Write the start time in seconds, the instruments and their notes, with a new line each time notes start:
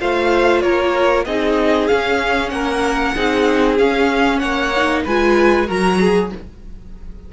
0.00 cello A3, viola F4, violin C5 F5
0.62 cello A#3, violin A#4 C#5
1.26 cello C4, viola D#4, violin G#4 D#5
1.88 viola C#4, cello C#4, violin F5
2.50 cello A#3, violin A#4 F#5
3.16 cello C4, viola D#4, violin G#4
3.78 viola C#4, cello C#4, violin F5
4.39 cello A#3, violin C#5 F#5
4.77 viola D#4
5.05 cello G#3, viola F4, violin B4 G#5
5.67 cello F#3, viola F#4, violin A#4 A#5
6.01 violin G#4